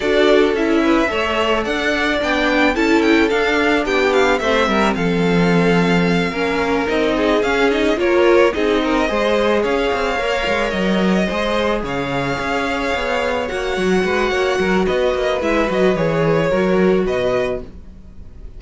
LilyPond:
<<
  \new Staff \with { instrumentName = "violin" } { \time 4/4 \tempo 4 = 109 d''4 e''2 fis''4 | g''4 a''8 g''8 f''4 g''8 f''8 | e''4 f''2.~ | f''8 dis''4 f''8 dis''8 cis''4 dis''8~ |
dis''4. f''2 dis''8~ | dis''4. f''2~ f''8~ | f''8 fis''2~ fis''8 dis''4 | e''8 dis''8 cis''2 dis''4 | }
  \new Staff \with { instrumentName = "violin" } { \time 4/4 a'4. b'8 cis''4 d''4~ | d''4 a'2 g'4 | c''8 ais'8 a'2~ a'8 ais'8~ | ais'4 gis'4. ais'4 gis'8 |
ais'8 c''4 cis''2~ cis''8~ | cis''8 c''4 cis''2~ cis''8~ | cis''4. b'8 cis''8 ais'8 b'4~ | b'2 ais'4 b'4 | }
  \new Staff \with { instrumentName = "viola" } { \time 4/4 fis'4 e'4 a'2 | d'4 e'4 d'2 | c'2.~ c'8 cis'8~ | cis'8 dis'4 cis'8 dis'8 f'4 dis'8~ |
dis'8 gis'2 ais'4.~ | ais'8 gis'2.~ gis'8~ | gis'8 fis'2.~ fis'8 | e'8 fis'8 gis'4 fis'2 | }
  \new Staff \with { instrumentName = "cello" } { \time 4/4 d'4 cis'4 a4 d'4 | b4 cis'4 d'4 b4 | a8 g8 f2~ f8 ais8~ | ais8 c'4 cis'4 ais4 c'8~ |
c'8 gis4 cis'8 c'8 ais8 gis8 fis8~ | fis8 gis4 cis4 cis'4 b8~ | b8 ais8 fis8 gis8 ais8 fis8 b8 ais8 | gis8 fis8 e4 fis4 b,4 | }
>>